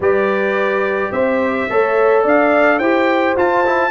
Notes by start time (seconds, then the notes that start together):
0.00 G3 G4 B4 D5
1.11 C4 C5 E5
1.69 A3 A4 C#5
2.23 D4 D5 F5
2.79 E4 G4 C5 G5
3.36 F4 A5
3.66 E4